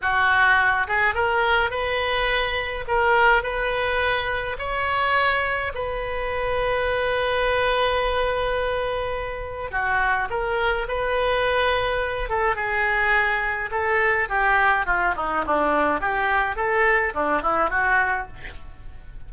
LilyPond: \new Staff \with { instrumentName = "oboe" } { \time 4/4 \tempo 4 = 105 fis'4. gis'8 ais'4 b'4~ | b'4 ais'4 b'2 | cis''2 b'2~ | b'1~ |
b'4 fis'4 ais'4 b'4~ | b'4. a'8 gis'2 | a'4 g'4 f'8 dis'8 d'4 | g'4 a'4 d'8 e'8 fis'4 | }